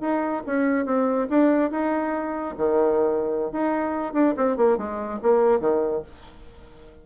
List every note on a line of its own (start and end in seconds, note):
0.00 0.42 D#4
0.46 0.85 C#4
0.85 1.28 C4
1.29 1.71 D4
1.71 2.55 D#4
2.57 3.52 D#3
3.52 4.13 D#4
4.13 4.34 D4
4.37 4.56 C4
4.56 4.77 A#3
4.77 5.20 G#3
5.22 5.60 A#3
5.60 6.02 D#3